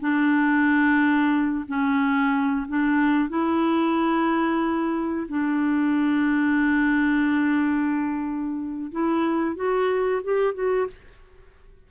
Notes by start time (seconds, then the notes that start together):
0.00 D4
1.68 C#4
2.68 D4
3.29 E4
5.28 D4
8.92 E4
9.55 F#4
10.24 G4
10.54 F#4